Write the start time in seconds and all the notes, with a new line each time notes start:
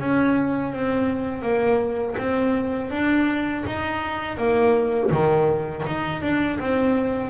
0.00 C#4
0.73 C4
1.42 A#3
2.18 C4
2.91 D4
3.67 D#4
4.37 A#3
5.11 D#3
5.87 D#4
6.22 D4
6.60 C4